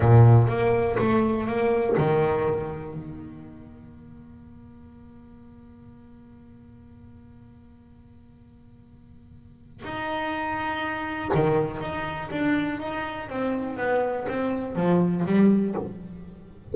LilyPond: \new Staff \with { instrumentName = "double bass" } { \time 4/4 \tempo 4 = 122 ais,4 ais4 a4 ais4 | dis2 ais2~ | ais1~ | ais1~ |
ais1 | dis'2. dis4 | dis'4 d'4 dis'4 c'4 | b4 c'4 f4 g4 | }